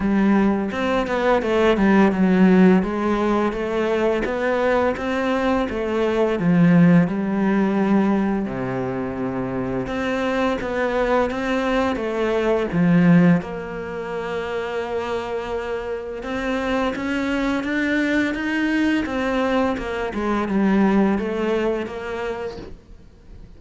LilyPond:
\new Staff \with { instrumentName = "cello" } { \time 4/4 \tempo 4 = 85 g4 c'8 b8 a8 g8 fis4 | gis4 a4 b4 c'4 | a4 f4 g2 | c2 c'4 b4 |
c'4 a4 f4 ais4~ | ais2. c'4 | cis'4 d'4 dis'4 c'4 | ais8 gis8 g4 a4 ais4 | }